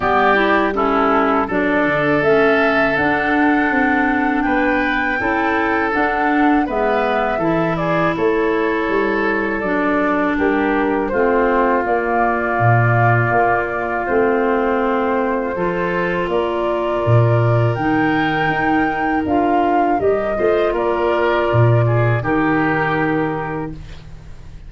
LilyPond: <<
  \new Staff \with { instrumentName = "flute" } { \time 4/4 \tempo 4 = 81 d''4 a'4 d''4 e''4 | fis''2 g''2 | fis''4 e''4. d''8 cis''4~ | cis''4 d''4 ais'4 c''4 |
d''2. c''4~ | c''2 d''2 | g''2 f''4 dis''4 | d''2 ais'2 | }
  \new Staff \with { instrumentName = "oboe" } { \time 4/4 g'4 e'4 a'2~ | a'2 b'4 a'4~ | a'4 b'4 a'8 gis'8 a'4~ | a'2 g'4 f'4~ |
f'1~ | f'4 a'4 ais'2~ | ais'2.~ ais'8 c''8 | ais'4. gis'8 g'2 | }
  \new Staff \with { instrumentName = "clarinet" } { \time 4/4 b8 e'8 cis'4 d'4 cis'4 | d'2. e'4 | d'4 b4 e'2~ | e'4 d'2 c'4 |
ais2. c'4~ | c'4 f'2. | dis'2 f'4 g'8 f'8~ | f'2 dis'2 | }
  \new Staff \with { instrumentName = "tuba" } { \time 4/4 g2 fis8 d8 a4 | d'4 c'4 b4 cis'4 | d'4 gis4 e4 a4 | g4 fis4 g4 a4 |
ais4 ais,4 ais4 a4~ | a4 f4 ais4 ais,4 | dis4 dis'4 d'4 g8 a8 | ais4 ais,4 dis2 | }
>>